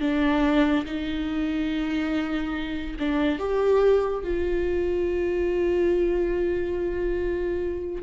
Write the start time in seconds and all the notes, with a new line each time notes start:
0.00 D4
0.85 D#4
2.99 D4
3.39 G4
4.23 F4